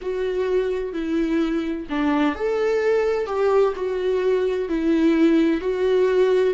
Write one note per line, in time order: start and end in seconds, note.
0.01 0.93 F#4
0.93 1.87 E4
1.89 2.35 D4
2.35 3.26 A4
3.26 3.73 G4
3.75 4.68 F#4
4.68 5.60 E4
5.60 6.54 F#4